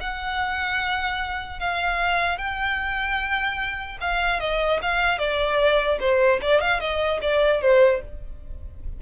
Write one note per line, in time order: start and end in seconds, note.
0.00 1.59 F#5
1.59 2.38 F5
2.38 3.98 G5
4.01 4.39 F5
4.39 4.79 D#5
4.81 5.18 F5
5.18 5.98 D5
5.99 6.39 C5
6.41 6.61 D5
6.61 6.80 F5
6.80 7.20 D#5
7.21 7.61 D5
7.61 8.01 C5